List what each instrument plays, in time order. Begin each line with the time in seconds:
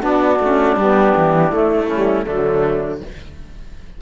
0.00 cello B3, saxophone D4, oboe D4, flute F#4
0.39 cello A3, saxophone C#4
0.76 cello G3, saxophone B3, flute G4
1.16 cello E3
1.50 saxophone A3, cello A3, flute E4
1.87 saxophone G3, oboe C#4
2.24 cello D3, saxophone F#3, oboe A3, flute D4